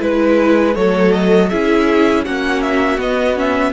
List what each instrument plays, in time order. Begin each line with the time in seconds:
0.00 cello G#3, viola E4, violin B4
0.75 cello F#3, viola A3, violin A4 C#5
1.12 violin D#5
1.50 cello C#4, viola E4, violin G#4 E5
2.25 cello A#3, viola C#4, violin F#4 F#5
2.62 violin E5
2.98 viola B3, cello B3, violin D#5
3.36 viola C#4, violin E5